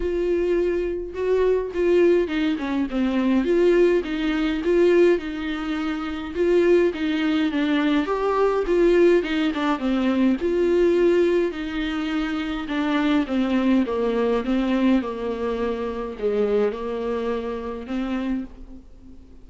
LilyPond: \new Staff \with { instrumentName = "viola" } { \time 4/4 \tempo 4 = 104 f'2 fis'4 f'4 | dis'8 cis'8 c'4 f'4 dis'4 | f'4 dis'2 f'4 | dis'4 d'4 g'4 f'4 |
dis'8 d'8 c'4 f'2 | dis'2 d'4 c'4 | ais4 c'4 ais2 | gis4 ais2 c'4 | }